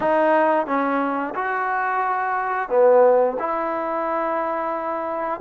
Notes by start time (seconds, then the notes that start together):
0.00 D#4
0.66 C#4
1.35 F#4
2.69 B3
3.39 E4